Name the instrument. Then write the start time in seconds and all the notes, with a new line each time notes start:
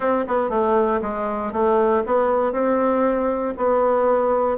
bassoon
0.00 C4
0.27 B3
0.49 A3
1.01 G#3
1.52 A3
2.05 B3
2.52 C4
3.57 B3